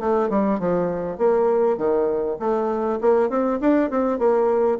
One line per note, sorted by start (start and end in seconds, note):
0.00 0.29 A3
0.29 0.59 G3
0.59 1.18 F3
1.18 1.77 A#3
1.77 2.37 D#3
2.39 2.99 A3
3.01 3.29 A#3
3.29 3.59 C4
3.61 3.90 D4
3.90 4.19 C4
4.19 4.79 A#3